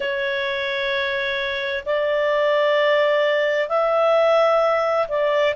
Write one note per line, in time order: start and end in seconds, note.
0.00 1.83 C#5
1.85 3.68 D5
3.68 5.07 E5
5.08 5.54 D5